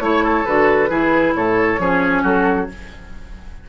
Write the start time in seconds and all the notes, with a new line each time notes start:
0.00 A3 E4 C#5
0.24 A4
0.45 D3 F#4 B4
0.90 E3 E4 G#4
1.35 A2 A4 C#5
1.79 F3 C#4 G#4
2.23 F#3 F#4 A4